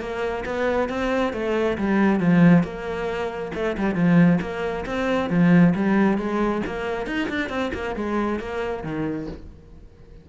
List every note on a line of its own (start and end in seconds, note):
0.00 0.44 A#3
0.45 0.89 B3
0.89 1.33 C4
1.33 1.77 A3
1.77 2.20 G3
2.20 2.63 F3
2.63 3.51 A#3
3.55 3.77 A3
3.77 3.95 G3
3.95 4.39 F3
4.41 4.85 A#3
4.85 5.29 C4
5.29 5.74 F3
5.75 6.18 G3
6.18 6.62 G#3
6.66 7.06 A#3
7.06 7.28 D#4
7.29 7.49 D4
7.49 7.71 C4
7.74 7.96 A#3
7.96 8.39 G#3
8.39 8.83 A#3
8.83 9.27 D#3